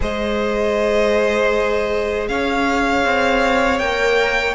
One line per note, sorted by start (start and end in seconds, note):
0.00 2.28 G#3
0.00 3.79 G#4
0.00 2.28 C5
0.00 2.28 D#5
2.28 3.04 C#4
2.28 4.54 C#5
2.28 3.78 F5
3.04 3.80 C4
3.78 4.54 A#3
3.78 4.54 A#4
3.78 4.54 G5